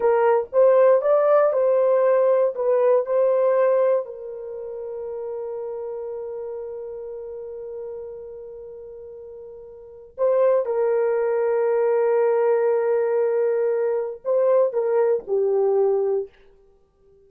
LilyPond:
\new Staff \with { instrumentName = "horn" } { \time 4/4 \tempo 4 = 118 ais'4 c''4 d''4 c''4~ | c''4 b'4 c''2 | ais'1~ | ais'1~ |
ais'1 | c''4 ais'2.~ | ais'1 | c''4 ais'4 g'2 | }